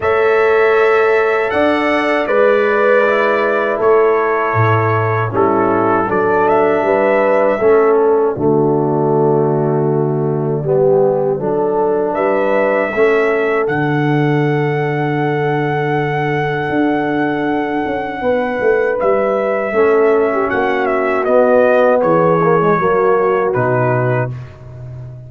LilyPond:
<<
  \new Staff \with { instrumentName = "trumpet" } { \time 4/4 \tempo 4 = 79 e''2 fis''4 d''4~ | d''4 cis''2 a'4 | d''8 e''2 d''4.~ | d''1 |
e''2 fis''2~ | fis''1~ | fis''4 e''2 fis''8 e''8 | dis''4 cis''2 b'4 | }
  \new Staff \with { instrumentName = "horn" } { \time 4/4 cis''2 d''4 b'4~ | b'4 a'2 e'4 | a'4 b'4 a'4 fis'4~ | fis'2 g'4 a'4 |
b'4 a'2.~ | a'1 | b'2 a'8. g'16 fis'4~ | fis'4 gis'4 fis'2 | }
  \new Staff \with { instrumentName = "trombone" } { \time 4/4 a'2. b'4 | e'2. cis'4 | d'2 cis'4 a4~ | a2 b4 d'4~ |
d'4 cis'4 d'2~ | d'1~ | d'2 cis'2 | b4. ais16 gis16 ais4 dis'4 | }
  \new Staff \with { instrumentName = "tuba" } { \time 4/4 a2 d'4 gis4~ | gis4 a4 a,4 g4 | fis4 g4 a4 d4~ | d2 g4 fis4 |
g4 a4 d2~ | d2 d'4. cis'8 | b8 a8 g4 a4 ais4 | b4 e4 fis4 b,4 | }
>>